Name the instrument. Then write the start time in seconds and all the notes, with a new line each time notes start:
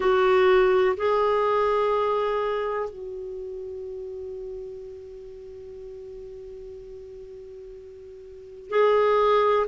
clarinet
0.00 F#4
0.96 G#4
2.89 F#4
8.69 G#4